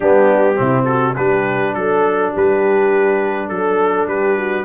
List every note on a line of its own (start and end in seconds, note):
0.00 0.59 G3
0.00 0.55 B3
0.00 0.57 D4
0.00 0.84 G4
0.55 1.17 C3
0.55 1.14 C4
0.55 0.86 E4
0.84 1.15 F#4
0.84 1.13 A4
1.16 1.75 G3
1.16 4.65 D4
1.16 1.74 G4
1.16 1.74 B4
1.74 2.33 F#3
1.74 2.32 A4
2.32 3.49 G3
2.32 3.49 G4
2.32 3.48 B4
3.48 4.07 F#3
3.48 4.07 A4
3.48 4.10 A4
4.07 4.65 G3
4.07 4.36 G4
4.07 4.65 B4
4.36 4.65 F#4